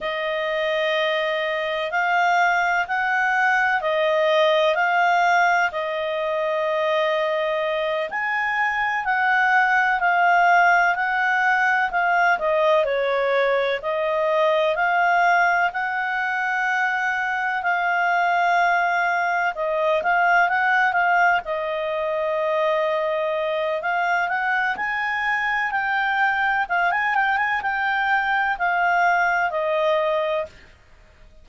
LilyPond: \new Staff \with { instrumentName = "clarinet" } { \time 4/4 \tempo 4 = 63 dis''2 f''4 fis''4 | dis''4 f''4 dis''2~ | dis''8 gis''4 fis''4 f''4 fis''8~ | fis''8 f''8 dis''8 cis''4 dis''4 f''8~ |
f''8 fis''2 f''4.~ | f''8 dis''8 f''8 fis''8 f''8 dis''4.~ | dis''4 f''8 fis''8 gis''4 g''4 | f''16 gis''16 g''16 gis''16 g''4 f''4 dis''4 | }